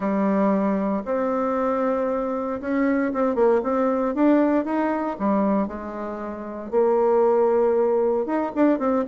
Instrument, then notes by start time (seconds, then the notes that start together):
bassoon
0.00 G3
1.05 C4
2.60 C#4
3.13 C4
3.35 A#3
3.63 C4
4.14 D4
4.65 D#4
5.19 G3
5.67 G#3
6.71 A#3
8.25 D#4
8.55 D4
8.78 C4